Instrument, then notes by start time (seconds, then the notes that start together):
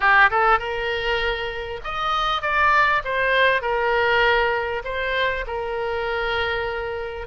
oboe
0.00 G4
0.30 A4
0.59 A#4
1.83 D#5
2.41 D5
3.04 C5
3.61 A#4
4.84 C5
5.46 A#4